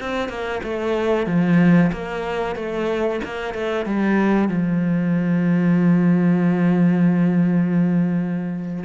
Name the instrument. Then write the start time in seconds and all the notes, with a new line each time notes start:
cello
0.00 C4
0.29 A#3
0.63 A3
1.27 F3
1.92 A#3
2.56 A3
3.24 A#3
3.54 A3
3.86 G3
4.48 F3